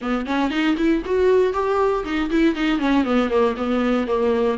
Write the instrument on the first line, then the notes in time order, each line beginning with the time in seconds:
viola
0.01 B3
0.26 C#4
0.50 D#4
0.77 E4
1.05 F#4
1.53 G4
2.04 D#4
2.30 E4
2.55 D#4
2.79 C#4
3.04 B3
3.29 A#3
3.56 B3
4.07 A#3